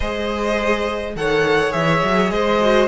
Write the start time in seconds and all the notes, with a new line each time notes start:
0.00 G#3 G#4 C5 D#5
1.15 D#3 A4 C#5 F#5
1.71 E3 G#4 E5
2.03 F#3
2.30 G#3 C5 D#5
2.61 F#4